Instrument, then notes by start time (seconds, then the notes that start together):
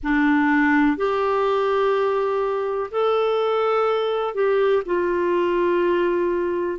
clarinet
0.03 D4
0.97 G4
2.91 A4
4.34 G4
4.85 F4